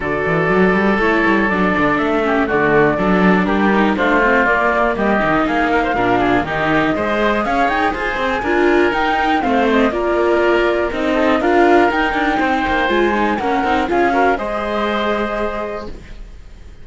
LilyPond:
<<
  \new Staff \with { instrumentName = "flute" } { \time 4/4 \tempo 4 = 121 d''2 cis''4 d''4 | e''4 d''2 ais'4 | c''4 d''4 dis''4 f''4~ | f''4 dis''2 f''8 g''8 |
gis''2 g''4 f''8 dis''8 | d''2 dis''4 f''4 | g''2 gis''4 fis''4 | f''4 dis''2. | }
  \new Staff \with { instrumentName = "oboe" } { \time 4/4 a'1~ | a'8 g'8 fis'4 a'4 g'4 | f'2 g'4 gis'8 ais'16 c''16 | ais'8 gis'8 g'4 c''4 cis''4 |
c''4 ais'2 c''4 | ais'2~ ais'8 a'8 ais'4~ | ais'4 c''2 ais'4 | gis'8 ais'8 c''2. | }
  \new Staff \with { instrumentName = "viola" } { \time 4/4 fis'2 e'4 d'4~ | d'8 cis'8 a4 d'4. dis'8 | d'8 c'8 ais4. dis'4. | d'4 dis'4 gis'2~ |
gis'4 f'4 dis'4 c'4 | f'2 dis'4 f'4 | dis'2 f'8 dis'8 cis'8 dis'8 | f'8 fis'8 gis'2. | }
  \new Staff \with { instrumentName = "cello" } { \time 4/4 d8 e8 fis8 g8 a8 g8 fis8 d8 | a4 d4 fis4 g4 | a4 ais4 g8 dis8 ais4 | ais,4 dis4 gis4 cis'8 dis'8 |
f'8 c'8 d'4 dis'4 a4 | ais2 c'4 d'4 | dis'8 d'8 c'8 ais8 gis4 ais8 c'8 | cis'4 gis2. | }
>>